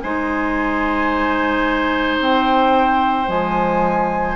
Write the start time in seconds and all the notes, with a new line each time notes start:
0.00 G#3 D#4 C5 G#5
2.20 C4 G5
3.26 F3 G#3 G#5